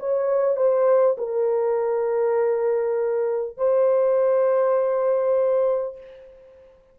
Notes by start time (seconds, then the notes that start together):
0.00 C#5
0.57 C5
1.18 A#4
3.58 C5